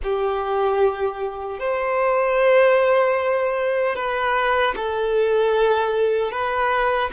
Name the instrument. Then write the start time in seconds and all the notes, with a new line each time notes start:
violin
0.03 G4
1.59 C5
3.95 B4
4.75 A4
6.31 B4